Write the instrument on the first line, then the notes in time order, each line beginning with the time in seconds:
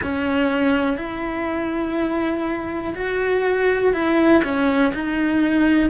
cello
0.02 C#4
0.97 E4
2.94 F#4
3.93 E4
4.43 C#4
4.94 D#4